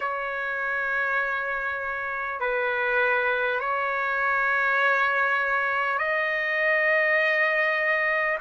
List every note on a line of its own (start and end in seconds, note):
0.00 2.39 C#5
2.40 3.59 B4
3.59 5.98 C#5
5.98 8.38 D#5